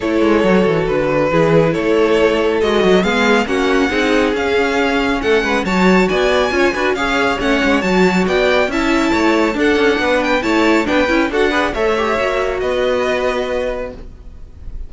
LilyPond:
<<
  \new Staff \with { instrumentName = "violin" } { \time 4/4 \tempo 4 = 138 cis''2 b'2 | cis''2 dis''4 f''4 | fis''2 f''2 | fis''4 a''4 gis''2 |
f''4 fis''4 a''4 g''4 | a''2 fis''4. g''8 | a''4 g''4 fis''4 e''4~ | e''4 dis''2. | }
  \new Staff \with { instrumentName = "violin" } { \time 4/4 a'2. gis'4 | a'2. gis'4 | fis'4 gis'2. | a'8 b'8 cis''4 d''4 cis''8 b'8 |
cis''2. d''4 | e''4 cis''4 a'4 b'4 | cis''4 b'4 a'8 b'8 cis''4~ | cis''4 b'2. | }
  \new Staff \with { instrumentName = "viola" } { \time 4/4 e'4 fis'2 e'4~ | e'2 fis'4 b4 | cis'4 dis'4 cis'2~ | cis'4 fis'2 f'8 fis'8 |
gis'4 cis'4 fis'2 | e'2 d'2 | e'4 d'8 e'8 fis'8 gis'8 a'8 g'8 | fis'1 | }
  \new Staff \with { instrumentName = "cello" } { \time 4/4 a8 gis8 fis8 e8 d4 e4 | a2 gis8 fis8 gis4 | ais4 c'4 cis'2 | a8 gis8 fis4 b4 cis'8 d'8 |
cis'4 a8 gis8 fis4 b4 | cis'4 a4 d'8 cis'8 b4 | a4 b8 cis'8 d'4 a4 | ais4 b2. | }
>>